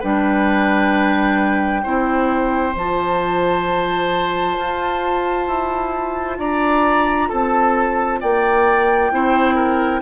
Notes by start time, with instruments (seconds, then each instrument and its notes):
0.00 bassoon G3, clarinet D4, oboe B4, flute G5
1.84 bassoon C4, clarinet E4, oboe C5
2.74 bassoon F3, clarinet F4, flute A5
4.58 bassoon F4
5.48 bassoon E4
6.39 bassoon D4, oboe D5, flute A#5
7.29 bassoon C4, oboe A4, flute A5
8.21 bassoon A#3, oboe D5, flute G5
9.12 bassoon C4, clarinet E4, oboe C5
9.55 oboe A#4